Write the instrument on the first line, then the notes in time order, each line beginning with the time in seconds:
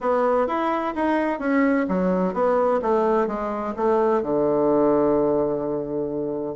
bassoon
0.01 B3
0.47 E4
0.95 D#4
1.39 C#4
1.88 F#3
2.33 B3
2.81 A3
3.27 G#3
3.76 A3
4.22 D3